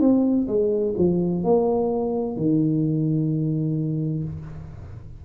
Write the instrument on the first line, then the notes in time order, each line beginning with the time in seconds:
tuba
0.00 C4
0.47 G#3
0.98 F3
1.44 A#3
2.36 D#3